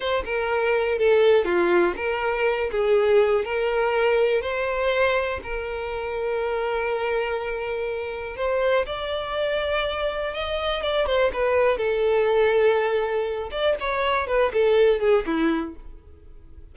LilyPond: \new Staff \with { instrumentName = "violin" } { \time 4/4 \tempo 4 = 122 c''8 ais'4. a'4 f'4 | ais'4. gis'4. ais'4~ | ais'4 c''2 ais'4~ | ais'1~ |
ais'4 c''4 d''2~ | d''4 dis''4 d''8 c''8 b'4 | a'2.~ a'8 d''8 | cis''4 b'8 a'4 gis'8 e'4 | }